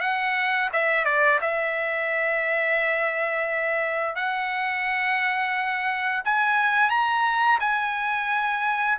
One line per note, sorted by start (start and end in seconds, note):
0.00 0.69 F#5
0.72 1.04 E5
1.04 1.39 D5
1.41 4.15 E5
4.15 6.22 F#5
6.24 6.89 G#5
6.89 7.58 A#5
7.60 8.98 G#5